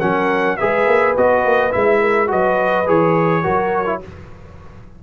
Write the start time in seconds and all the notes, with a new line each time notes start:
0.00 F#3 C#4 A#4 F#5
0.57 G#3 G#4 B4 E5
0.87 A#3
1.17 B3 F#4 D#5
1.45 A#3
1.71 G#3 E4 E5
2.01 A#4
2.27 F#3 F#4 B4 D#5
2.87 E3 G#4 C#5
3.43 F#3 F#4 A#4
3.86 E4